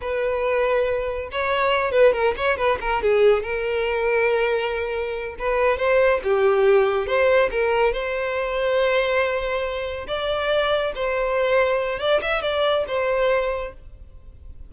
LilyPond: \new Staff \with { instrumentName = "violin" } { \time 4/4 \tempo 4 = 140 b'2. cis''4~ | cis''8 b'8 ais'8 cis''8 b'8 ais'8 gis'4 | ais'1~ | ais'8 b'4 c''4 g'4.~ |
g'8 c''4 ais'4 c''4.~ | c''2.~ c''8 d''8~ | d''4. c''2~ c''8 | d''8 e''8 d''4 c''2 | }